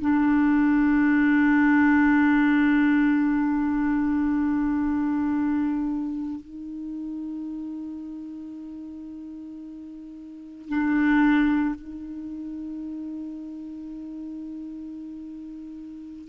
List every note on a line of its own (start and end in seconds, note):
0.00 6.40 D4
6.40 10.68 D#4
10.68 11.75 D4
11.75 16.28 D#4